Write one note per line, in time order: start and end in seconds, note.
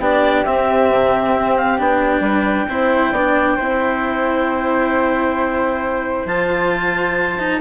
0.00 0.45 B3
0.00 0.46 D4
0.00 2.22 G4
0.00 0.45 D5
0.45 0.89 C4
0.45 1.79 C4
0.45 1.57 E5
0.89 1.33 C3
1.36 1.80 C4
1.57 1.79 F5
1.79 2.20 B3
1.79 2.68 D4
1.79 6.28 G5
2.20 2.65 G3
2.20 2.67 B4
2.69 3.12 C4
2.69 3.15 E4
2.69 3.13 C5
3.12 3.57 B3
3.12 3.59 D4
3.12 3.56 D5
3.56 6.26 C4
3.56 6.28 E4
3.56 7.59 C5
6.26 7.60 F3
6.26 7.39 F4
6.26 7.61 A5
7.39 7.61 D#4